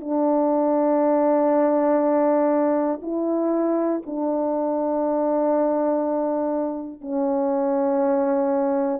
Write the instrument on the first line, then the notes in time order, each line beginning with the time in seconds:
horn
0.00 D4
3.02 E4
4.06 D4
7.01 C#4